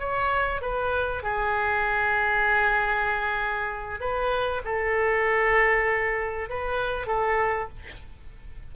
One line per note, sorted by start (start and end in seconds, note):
0.00 0.62 C#5
0.62 1.23 B4
1.23 4.00 G#4
4.00 4.63 B4
4.65 6.50 A4
6.50 7.07 B4
7.07 7.69 A4